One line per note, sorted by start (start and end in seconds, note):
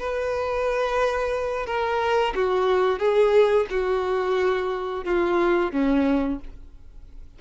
0.00 1.67 B4
1.67 2.34 A#4
2.35 2.99 F#4
2.99 3.67 G#4
3.71 5.05 F#4
5.05 5.72 F4
5.72 6.40 C#4